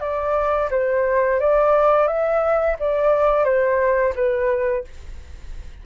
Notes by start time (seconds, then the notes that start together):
0.00 D5
0.71 C5
1.39 D5
2.07 E5
2.79 D5
3.44 C5
4.15 B4